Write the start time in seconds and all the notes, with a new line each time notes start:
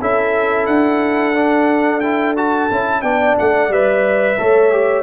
0.00 C#4 E4 A4 E5
0.66 D4 F#5
1.35 D4
2.00 E4 G5
2.37 F#4 A5
2.71 C#4 E4
3.02 B3 D4 D5 G5
3.39 A3 F#5
3.69 G3 B4 E5
4.38 A3 A4 C#5
4.72 G4